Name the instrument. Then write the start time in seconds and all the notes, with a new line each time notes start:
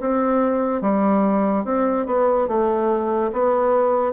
bassoon
0.00 C4
0.81 G3
1.64 C4
2.06 B3
2.48 A3
3.32 B3